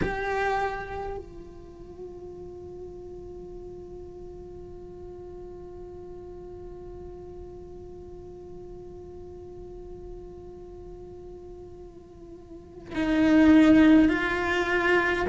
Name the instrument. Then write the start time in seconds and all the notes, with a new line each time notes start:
cello
0.02 G4
1.17 F4
12.94 D#4
14.09 F4